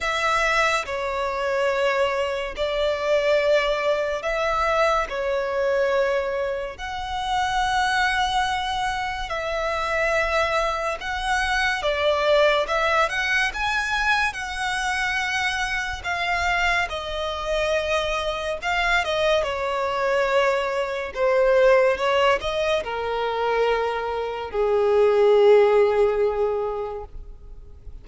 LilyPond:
\new Staff \with { instrumentName = "violin" } { \time 4/4 \tempo 4 = 71 e''4 cis''2 d''4~ | d''4 e''4 cis''2 | fis''2. e''4~ | e''4 fis''4 d''4 e''8 fis''8 |
gis''4 fis''2 f''4 | dis''2 f''8 dis''8 cis''4~ | cis''4 c''4 cis''8 dis''8 ais'4~ | ais'4 gis'2. | }